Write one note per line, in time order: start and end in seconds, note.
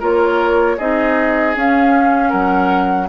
0.00 0.79 A#3
0.00 0.78 F4
0.00 0.77 A#4
0.00 0.79 C#5
0.78 1.56 C4
0.78 1.56 D#4
0.78 2.30 G#4
0.78 1.56 D#5
1.56 2.33 C#4
1.56 3.09 C#4
1.56 2.31 F5
2.30 3.09 F#3
2.30 3.07 A#4
2.30 3.08 F#5